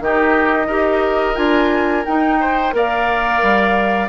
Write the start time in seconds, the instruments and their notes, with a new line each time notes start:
0.00 bassoon D#3, clarinet D#4, oboe G4, flute D#5
0.66 bassoon D#4, clarinet G4, oboe A#4
1.35 bassoon D4, clarinet F4, flute G#5
2.05 bassoon D#4, clarinet D#4, flute G5
2.40 oboe C5
2.72 bassoon A#3, clarinet A#4, oboe D5, flute F5
3.42 bassoon G3